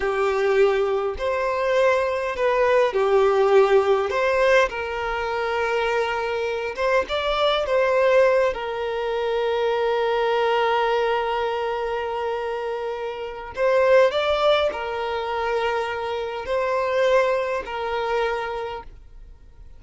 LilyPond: \new Staff \with { instrumentName = "violin" } { \time 4/4 \tempo 4 = 102 g'2 c''2 | b'4 g'2 c''4 | ais'2.~ ais'8 c''8 | d''4 c''4. ais'4.~ |
ais'1~ | ais'2. c''4 | d''4 ais'2. | c''2 ais'2 | }